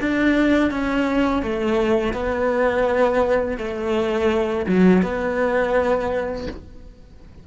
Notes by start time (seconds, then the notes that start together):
0.00 D4
0.71 C#4
1.42 A3
2.13 B3
3.57 A3
4.66 F#3
5.02 B3